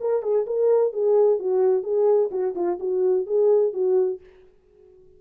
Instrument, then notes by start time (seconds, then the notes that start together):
horn
0.00 A#4
0.22 G#4
0.46 A#4
0.93 G#4
1.39 F#4
1.83 G#4
2.31 F#4
2.55 F4
2.79 F#4
3.26 G#4
3.73 F#4